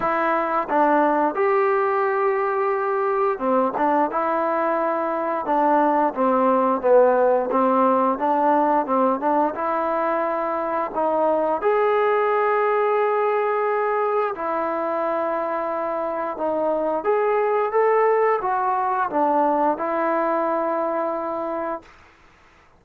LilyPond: \new Staff \with { instrumentName = "trombone" } { \time 4/4 \tempo 4 = 88 e'4 d'4 g'2~ | g'4 c'8 d'8 e'2 | d'4 c'4 b4 c'4 | d'4 c'8 d'8 e'2 |
dis'4 gis'2.~ | gis'4 e'2. | dis'4 gis'4 a'4 fis'4 | d'4 e'2. | }